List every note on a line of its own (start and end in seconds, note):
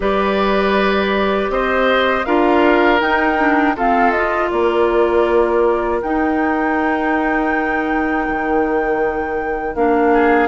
0.00 1.49 G3
0.00 2.24 G4
0.00 1.51 B4
0.00 1.50 D5
1.49 2.24 C4
1.49 2.26 C5
1.49 2.25 D#5
2.25 3.01 D4
2.25 2.99 F4
2.25 3.76 A#4
2.25 3.00 F5
2.99 3.36 D#4
2.99 3.75 D#4
2.99 3.75 G5
3.37 3.75 D4
3.75 4.14 C4
3.75 4.50 F4
3.75 4.50 A4
3.75 4.11 F5
4.11 6.03 F4
4.11 4.48 D#5
4.50 6.02 A#3
4.50 10.13 A#4
4.50 6.00 D5
6.01 8.28 D#4
6.01 9.75 D#4
6.01 9.75 G5
8.28 9.75 D#3
9.75 10.48 A#3
9.75 10.48 D4
9.75 10.48 F5
10.13 10.48 G#4